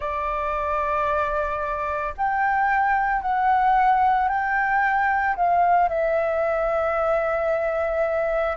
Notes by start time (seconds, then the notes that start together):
0.00 D5
2.17 G5
3.21 F#5
4.28 G5
5.36 F5
5.88 E5